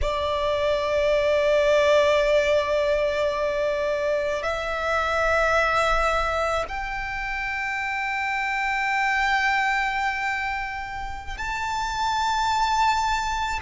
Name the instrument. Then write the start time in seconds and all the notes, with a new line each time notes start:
violin
0.02 D5
4.42 E5
6.68 G5
11.37 A5